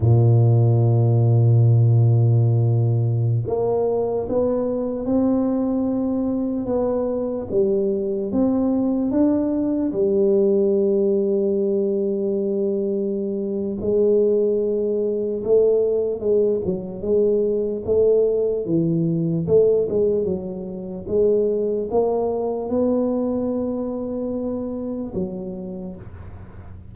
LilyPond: \new Staff \with { instrumentName = "tuba" } { \time 4/4 \tempo 4 = 74 ais,1~ | ais,16 ais4 b4 c'4.~ c'16~ | c'16 b4 g4 c'4 d'8.~ | d'16 g2.~ g8.~ |
g4 gis2 a4 | gis8 fis8 gis4 a4 e4 | a8 gis8 fis4 gis4 ais4 | b2. fis4 | }